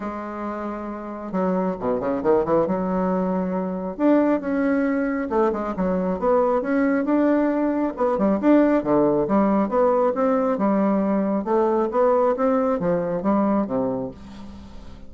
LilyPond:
\new Staff \with { instrumentName = "bassoon" } { \time 4/4 \tempo 4 = 136 gis2. fis4 | b,8 cis8 dis8 e8 fis2~ | fis4 d'4 cis'2 | a8 gis8 fis4 b4 cis'4 |
d'2 b8 g8 d'4 | d4 g4 b4 c'4 | g2 a4 b4 | c'4 f4 g4 c4 | }